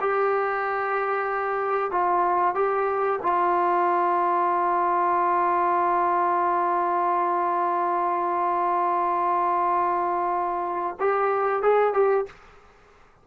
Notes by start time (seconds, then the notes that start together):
0.00 G4
1.91 F4
2.55 G4
3.22 F4
10.99 G4
11.62 G#4
11.94 G4